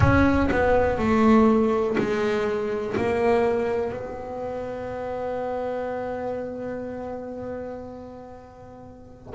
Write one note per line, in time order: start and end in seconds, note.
0.00 0.48 C#4
0.51 0.97 B3
0.97 1.96 A3
1.97 2.96 G#3
2.96 3.92 A#3
3.92 9.33 B3